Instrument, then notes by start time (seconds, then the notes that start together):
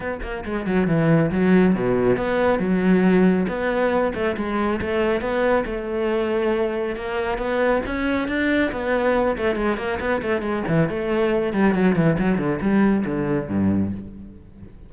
cello
0.00 B3
0.22 A#3
0.45 G#3
0.66 F#3
0.87 E3
1.31 F#3
1.74 B2
2.16 B3
2.59 F#3
3.48 B3
4.14 A3
4.36 G#3
4.81 A3
5.21 B3
5.65 A3
6.96 A#3
7.38 B3
7.86 C#4
8.27 D4
8.71 B3
9.37 A3
9.55 G#3
9.77 A#3
10.00 B3
10.22 A3
10.41 G#3
10.67 E3
10.89 A3
11.53 G3
11.74 F#3
11.95 E3
12.18 F#3
12.37 D3
12.61 G3
13.05 D3
13.48 G2